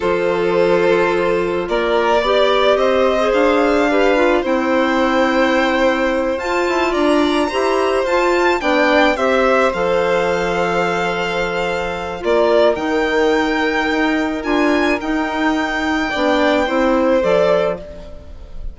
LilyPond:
<<
  \new Staff \with { instrumentName = "violin" } { \time 4/4 \tempo 4 = 108 c''2. d''4~ | d''4 dis''4 f''2 | g''2.~ g''8 a''8~ | a''8 ais''2 a''4 g''8~ |
g''8 e''4 f''2~ f''8~ | f''2 d''4 g''4~ | g''2 gis''4 g''4~ | g''2. d''4 | }
  \new Staff \with { instrumentName = "violin" } { \time 4/4 a'2. ais'4 | d''4 c''2 b'4 | c''1~ | c''8 d''4 c''2 d''8~ |
d''8 c''2.~ c''8~ | c''2 ais'2~ | ais'1~ | ais'4 d''4 c''2 | }
  \new Staff \with { instrumentName = "clarinet" } { \time 4/4 f'1 | g'4.~ g'16 gis'4~ gis'16 g'8 f'8 | e'2.~ e'8 f'8~ | f'4. g'4 f'4 d'8~ |
d'8 g'4 a'2~ a'8~ | a'2 f'4 dis'4~ | dis'2 f'4 dis'4~ | dis'4 d'4 e'4 a'4 | }
  \new Staff \with { instrumentName = "bassoon" } { \time 4/4 f2. ais4 | b4 c'4 d'2 | c'2.~ c'8 f'8 | e'8 d'4 e'4 f'4 b8~ |
b8 c'4 f2~ f8~ | f2 ais4 dis4~ | dis4 dis'4 d'4 dis'4~ | dis'4 b4 c'4 f4 | }
>>